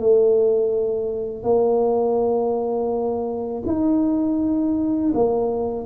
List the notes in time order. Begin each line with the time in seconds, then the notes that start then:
0.00 A3
1.44 A#3
3.67 D#4
5.14 A#3